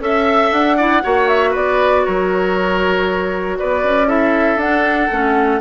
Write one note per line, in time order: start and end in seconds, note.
0.00 0.51 C#4
0.00 0.77 A4
0.00 0.77 E5
0.00 0.53 E5
0.52 1.03 D4
0.52 1.29 F#5
0.77 1.03 E4
0.77 1.03 D5
1.03 1.55 A#3
1.03 4.07 F#4
1.03 1.51 C#5
1.29 1.54 E5
1.51 2.06 B3
1.51 2.02 B4
1.51 2.06 D5
2.06 3.60 F#3
2.06 3.58 A#4
2.06 3.58 C#5
3.59 3.84 B3
3.59 4.08 B4
3.59 4.09 D5
3.84 4.56 C#4
4.07 4.58 E4
4.07 5.60 A4
4.07 4.60 E5
4.56 5.07 D4
4.56 5.11 D4
4.56 5.61 F#5
5.11 5.61 A3
5.11 5.61 C#4